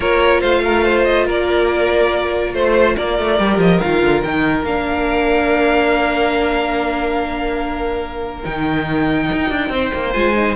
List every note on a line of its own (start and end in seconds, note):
0.00 0.41 A#3
0.00 3.38 F4
0.00 0.40 A#4
0.00 0.41 C#5
0.40 1.27 A3
0.40 0.61 C5
0.40 1.04 F5
0.64 0.84 A#4
0.84 1.26 C5
1.04 1.25 D#5
1.26 2.53 A#3
1.26 2.53 A#4
1.26 2.53 D5
2.53 2.95 A3
2.53 2.96 C5
2.96 3.18 A#3
2.96 9.72 A#4
2.96 3.59 D5
3.18 3.39 A3
3.39 3.57 G3
3.39 3.81 G4
3.57 3.79 F3
3.57 3.80 D#5
3.80 4.01 D#3
3.80 4.25 F4
3.80 4.22 F5
4.01 4.23 D3
4.23 4.63 D#3
4.23 4.65 D#4
4.23 4.64 G5
4.63 8.44 A#3
4.63 8.42 D4
4.63 8.44 F5
8.42 9.30 D#3
8.42 10.11 D#4
8.42 10.12 G5
9.32 9.49 D#4
9.49 9.69 D4
9.69 9.90 C4
9.69 10.55 C5
9.94 10.14 A#3
10.12 10.55 G#3
10.12 10.34 F4
10.12 10.55 G#5
10.35 10.55 D#4